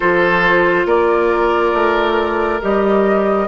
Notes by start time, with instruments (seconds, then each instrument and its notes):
0.00 bassoon F3, clarinet F4, oboe A4, flute C5
0.85 bassoon A#3, oboe A#4, flute D5
1.73 bassoon A3
2.61 bassoon G3, clarinet G4, flute D#5